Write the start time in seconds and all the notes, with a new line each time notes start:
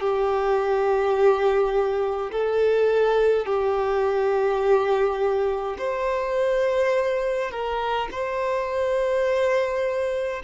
0.00 G4
2.32 A4
3.46 G4
5.78 C5
7.51 A#4
8.11 C5